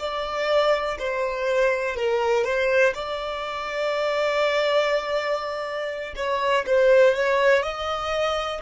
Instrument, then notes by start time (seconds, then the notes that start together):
violin
0.00 D5
0.99 C5
1.96 A#4
2.45 C5
2.95 D5
6.17 C#5
6.67 C5
7.15 C#5
7.63 D#5